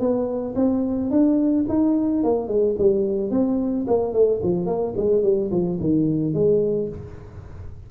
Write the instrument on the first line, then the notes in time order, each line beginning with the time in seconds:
tuba
0.00 B3
0.56 C4
1.11 D4
1.69 D#4
2.24 A#3
2.48 G#3
2.78 G3
3.31 C4
3.88 A#3
4.13 A3
4.43 F3
4.67 A#3
4.97 G#3
5.24 G3
5.51 F3
5.81 D#3
6.34 G#3